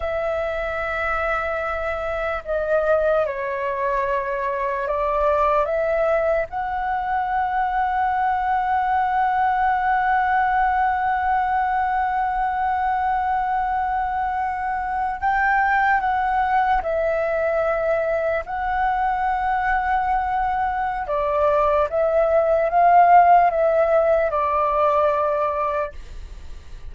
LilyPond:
\new Staff \with { instrumentName = "flute" } { \time 4/4 \tempo 4 = 74 e''2. dis''4 | cis''2 d''4 e''4 | fis''1~ | fis''1~ |
fis''2~ fis''8. g''4 fis''16~ | fis''8. e''2 fis''4~ fis''16~ | fis''2 d''4 e''4 | f''4 e''4 d''2 | }